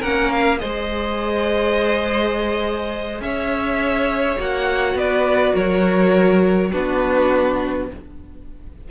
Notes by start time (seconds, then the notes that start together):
0.00 A#3 C#4 A#4 F#5
0.31 F5
0.58 G#3 G#4 C5 D#5
3.21 C#4 C#5 E5
4.37 A#3 F#4 F#5
4.95 B3 B4 D5
5.54 F#3 A#4 C#5
6.72 B3 D4 F#4 B4